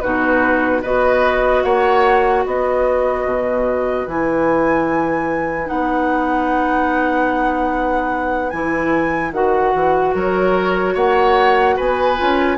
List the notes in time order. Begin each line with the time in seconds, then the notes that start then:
0.00 B2 D#4 F#4 B4
0.82 B3 F#4 B4 D#5
1.63 A#3 C#5 F#5
2.44 B3 B4 D#5
3.25 B2
4.07 E3 E4 G#5
5.66 B3 D#4 F#5
8.50 E3 E4 G#5
9.32 D#3 F#4 F#5
9.75 E3
10.14 F#3 A#4 C#5
10.94 A#3 C#5 F#5
11.76 B3 B4 G#5
12.16 C#4 F4